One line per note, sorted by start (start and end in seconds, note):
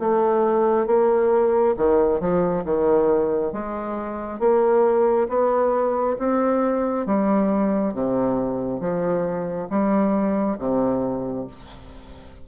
0.00 0.87 A3
0.87 1.75 A#3
1.78 2.21 D#3
2.21 2.65 F3
2.65 3.53 D#3
3.53 4.40 G#3
4.40 5.28 A#3
5.29 6.18 B3
6.19 7.07 C4
7.07 7.95 G3
7.95 8.80 C3
8.80 9.69 F3
9.70 10.58 G3
10.59 11.47 C3